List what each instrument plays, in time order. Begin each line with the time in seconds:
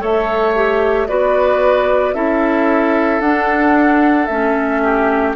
0.00 bassoon A3, clarinet A4, oboe C#5, flute E5
0.56 clarinet G4
1.08 bassoon B3, clarinet F#4, oboe B4, flute D5
2.14 bassoon C#4, clarinet E4, oboe A4, flute E5
3.21 bassoon D4, clarinet D4, flute F#5
4.26 bassoon A3, clarinet C#4, flute E5
4.84 oboe G4